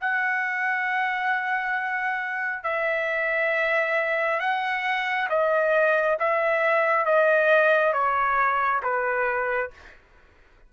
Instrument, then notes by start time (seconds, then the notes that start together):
trumpet
0.00 F#5
2.63 E5
4.40 F#5
5.29 D#5
6.19 E5
7.05 D#5
7.93 C#5
8.82 B4